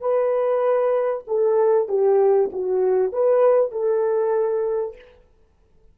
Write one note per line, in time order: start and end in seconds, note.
0.00 1.24 B4
1.27 1.88 A4
1.88 2.50 G4
2.52 3.12 F#4
3.12 3.71 B4
3.71 4.95 A4